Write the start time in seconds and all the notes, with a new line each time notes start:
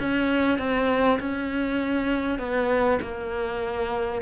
0.00 C#4
0.59 C4
1.20 C#4
2.39 B3
3.02 A#3